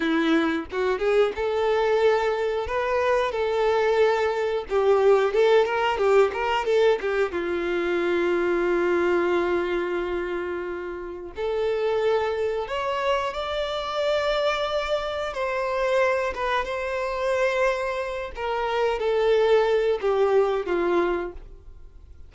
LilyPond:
\new Staff \with { instrumentName = "violin" } { \time 4/4 \tempo 4 = 90 e'4 fis'8 gis'8 a'2 | b'4 a'2 g'4 | a'8 ais'8 g'8 ais'8 a'8 g'8 f'4~ | f'1~ |
f'4 a'2 cis''4 | d''2. c''4~ | c''8 b'8 c''2~ c''8 ais'8~ | ais'8 a'4. g'4 f'4 | }